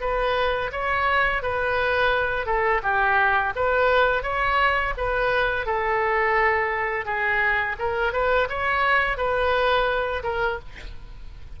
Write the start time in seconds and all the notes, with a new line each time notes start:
0.00 B4
0.72 C#5
1.42 B4
2.45 A4
2.82 G4
3.55 B4
4.23 C#5
4.97 B4
5.65 A4
7.05 G#4
7.78 A#4
8.12 B4
8.49 C#5
9.17 B4
10.23 A#4